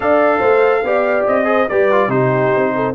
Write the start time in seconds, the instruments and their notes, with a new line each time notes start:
0.00 tuba D4, trombone A4, horn D5, trumpet F5
0.39 tuba A3, horn C5
0.83 tuba B3, trombone G4, horn D5
1.27 tuba C4, trumpet D#5
1.44 trombone G#4, horn C5
1.68 tuba G3, trombone G4, horn B4, trumpet D5
1.91 trombone F4
2.08 tuba C3, trombone D#4, horn G4, trumpet C5
2.56 tuba C4
2.75 horn A4